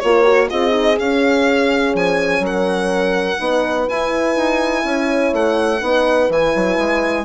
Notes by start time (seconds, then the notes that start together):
0.00 A#3 F4 A#4 C#5
0.25 F#4
0.49 C4 F4 G#4 D#5
0.71 D#4
0.99 C#4 F5
1.95 F3 G#5
2.40 F#3 A#4
2.46 F#5
3.39 B3 D#4 B4
3.88 E4 G#5
4.36 D#4
4.84 C#4 C#5
5.33 A3 F#5
5.81 B3 D#4 B4
6.29 E3 E4 G#5
6.56 F#3
6.78 G#3